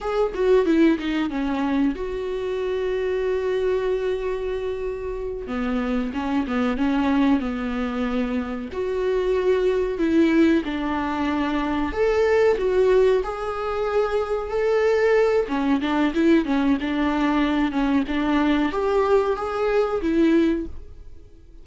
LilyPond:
\new Staff \with { instrumentName = "viola" } { \time 4/4 \tempo 4 = 93 gis'8 fis'8 e'8 dis'8 cis'4 fis'4~ | fis'1~ | fis'8 b4 cis'8 b8 cis'4 b8~ | b4. fis'2 e'8~ |
e'8 d'2 a'4 fis'8~ | fis'8 gis'2 a'4. | cis'8 d'8 e'8 cis'8 d'4. cis'8 | d'4 g'4 gis'4 e'4 | }